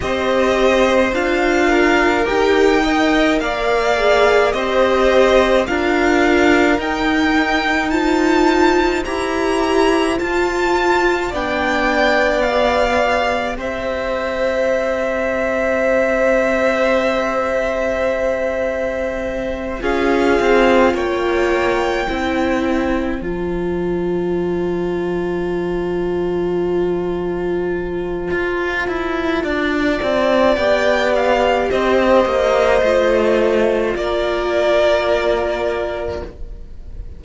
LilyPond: <<
  \new Staff \with { instrumentName = "violin" } { \time 4/4 \tempo 4 = 53 dis''4 f''4 g''4 f''4 | dis''4 f''4 g''4 a''4 | ais''4 a''4 g''4 f''4 | e''1~ |
e''4. f''4 g''4.~ | g''8 a''2.~ a''8~ | a''2. g''8 f''8 | dis''2 d''2 | }
  \new Staff \with { instrumentName = "violin" } { \time 4/4 c''4. ais'4 dis''8 d''4 | c''4 ais'2 c''4~ | c''2 d''2 | c''1~ |
c''4. gis'4 cis''4 c''8~ | c''1~ | c''2 d''2 | c''2 ais'2 | }
  \new Staff \with { instrumentName = "viola" } { \time 4/4 g'4 f'4 g'8 ais'4 gis'8 | g'4 f'4 dis'4 f'4 | g'4 f'4 d'4 g'4~ | g'1~ |
g'4. f'2 e'8~ | e'8 f'2.~ f'8~ | f'2. g'4~ | g'4 f'2. | }
  \new Staff \with { instrumentName = "cello" } { \time 4/4 c'4 d'4 dis'4 ais4 | c'4 d'4 dis'2 | e'4 f'4 b2 | c'1~ |
c'4. cis'8 c'8 ais4 c'8~ | c'8 f2.~ f8~ | f4 f'8 e'8 d'8 c'8 b4 | c'8 ais8 a4 ais2 | }
>>